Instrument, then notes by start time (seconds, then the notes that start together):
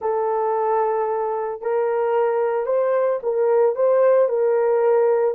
horn
0.01 A4
1.61 A#4
2.65 C5
3.22 A#4
3.75 C5
4.28 A#4